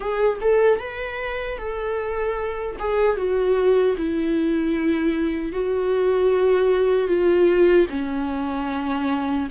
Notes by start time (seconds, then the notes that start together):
0.00 G#4
0.41 A4
0.79 B4
1.58 A4
2.78 G#4
3.17 F#4
3.97 E4
5.52 F#4
7.07 F4
7.89 C#4